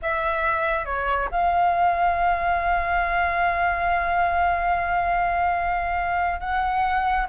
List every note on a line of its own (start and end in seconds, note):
0.02 0.85 E5
0.85 1.28 C#5
1.31 6.40 F5
6.40 7.27 F#5